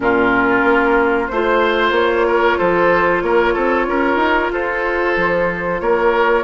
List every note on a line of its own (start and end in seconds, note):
0.00 0.63 A#2
0.00 1.28 C#4
0.00 1.31 F4
0.00 1.27 A#4
0.63 1.28 A#3
1.27 1.91 A3
1.27 6.44 F4
1.27 1.92 C5
1.27 2.27 C5
1.91 2.55 A#3
1.91 2.58 C#5
2.27 2.58 A#4
2.58 3.22 F3
2.58 3.22 A4
2.58 3.21 C5
3.21 3.54 A#3
3.21 3.53 A#4
3.21 4.50 C#5
3.53 3.87 C4
3.53 3.86 A4
3.87 4.16 C#4
3.87 4.52 A#4
4.16 4.48 D#4
4.51 5.15 F4
4.51 5.81 A4
4.51 5.80 C5
5.17 5.80 F3
5.80 6.44 A#3
5.80 6.44 A#4
5.80 6.44 C#5